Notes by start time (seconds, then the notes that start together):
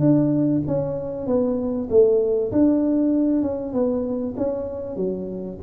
0.00 D4
0.67 C#4
1.27 B3
1.90 A3
2.52 D4
3.42 C#4
3.73 B3
4.37 C#4
4.96 F#3